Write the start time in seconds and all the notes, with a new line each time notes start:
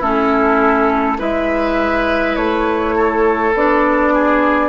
0.00 A3 C#4 E4 A4
1.18 G#3 E4 B4 E5
2.36 A3 C#5
2.96 A4
3.54 B3 D4 D5
4.13 G#4